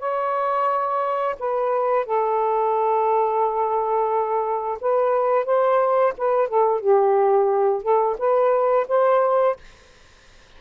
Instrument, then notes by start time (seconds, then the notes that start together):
saxophone
0.00 C#5
1.40 B4
2.06 A4
4.81 B4
5.46 C5
6.18 B4
6.48 A4
6.81 G4
7.83 A4
8.19 B4
8.89 C5